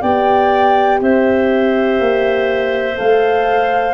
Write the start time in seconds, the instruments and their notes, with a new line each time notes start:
0.00 tuba B3, horn G4, clarinet D5, flute G5
1.00 tuba C4, clarinet C5, flute E5
1.99 tuba A#3
2.95 tuba A3, horn A4, flute F5